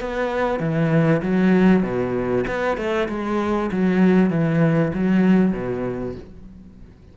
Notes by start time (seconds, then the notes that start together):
0.00 B3
0.59 E3
1.22 F#3
1.83 B2
2.47 B3
2.77 A3
3.08 G#3
3.71 F#3
4.30 E3
4.93 F#3
5.52 B2